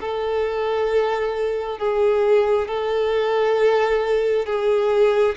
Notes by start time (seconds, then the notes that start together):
0.00 A4
1.78 G#4
2.67 A4
4.46 G#4